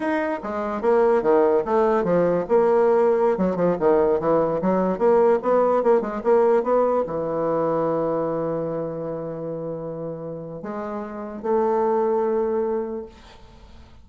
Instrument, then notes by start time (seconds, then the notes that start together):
bassoon
0.00 D#4
0.43 G#3
0.81 A#3
1.22 D#3
1.65 A3
2.04 F3
2.48 A#3
3.37 F#3
3.55 F3
3.79 D#3
4.20 E3
4.61 F#3
4.98 A#3
5.42 B3
5.83 A#3
6.01 G#3
6.23 A#3
6.63 B3
7.06 E3
10.62 G#3
11.42 A3